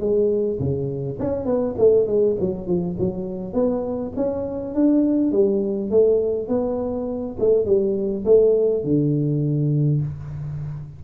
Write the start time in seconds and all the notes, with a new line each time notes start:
0.00 G#3
0.59 C#3
1.20 C#4
1.46 B3
1.78 A3
2.07 G#3
2.40 F#3
2.67 F3
2.99 F#3
3.54 B3
4.16 C#4
4.75 D4
5.32 G3
5.91 A3
6.48 B3
7.39 A3
7.65 G3
8.25 A3
8.84 D3